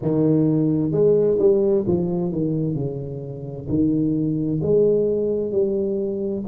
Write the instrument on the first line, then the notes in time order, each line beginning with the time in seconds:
tuba
0.02 D#3
0.91 G#3
1.38 G3
1.87 F3
2.32 D#3
2.74 C#3
3.68 D#3
4.62 G#3
5.51 G3